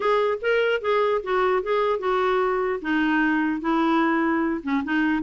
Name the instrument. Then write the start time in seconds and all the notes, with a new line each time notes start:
clarinet
0.00 G#4
0.41 A#4
0.81 G#4
1.23 F#4
1.62 G#4
1.99 F#4
2.81 D#4
3.60 E4
4.63 C#4
4.84 D#4